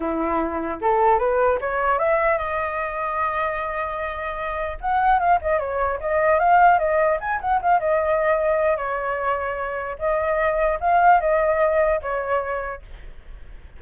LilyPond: \new Staff \with { instrumentName = "flute" } { \time 4/4 \tempo 4 = 150 e'2 a'4 b'4 | cis''4 e''4 dis''2~ | dis''1 | fis''4 f''8 dis''8 cis''4 dis''4 |
f''4 dis''4 gis''8 fis''8 f''8 dis''8~ | dis''2 cis''2~ | cis''4 dis''2 f''4 | dis''2 cis''2 | }